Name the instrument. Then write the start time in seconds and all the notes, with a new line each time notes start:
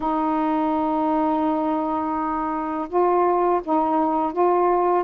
saxophone
0.00 D#4
2.88 F4
3.63 D#4
4.32 F4